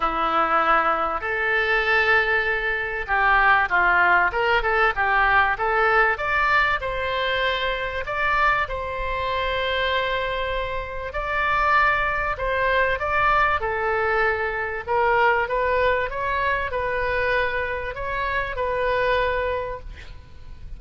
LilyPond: \new Staff \with { instrumentName = "oboe" } { \time 4/4 \tempo 4 = 97 e'2 a'2~ | a'4 g'4 f'4 ais'8 a'8 | g'4 a'4 d''4 c''4~ | c''4 d''4 c''2~ |
c''2 d''2 | c''4 d''4 a'2 | ais'4 b'4 cis''4 b'4~ | b'4 cis''4 b'2 | }